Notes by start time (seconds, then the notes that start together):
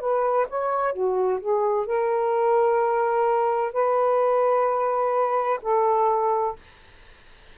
0.00 B4
0.49 C#5
0.93 F#4
1.40 G#4
1.86 A#4
3.72 B4
5.62 A4